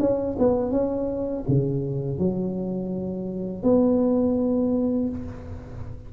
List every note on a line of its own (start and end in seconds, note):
0.00 0.37 C#4
0.39 0.71 B3
0.71 1.44 C#4
1.48 2.19 C#3
2.19 3.63 F#3
3.63 5.09 B3